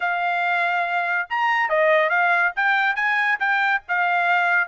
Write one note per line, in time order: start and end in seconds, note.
0.00 1.28 F5
1.29 1.69 A#5
1.69 2.09 D#5
2.09 2.52 F5
2.55 2.95 G5
2.95 3.38 G#5
3.39 3.82 G5
3.88 4.68 F5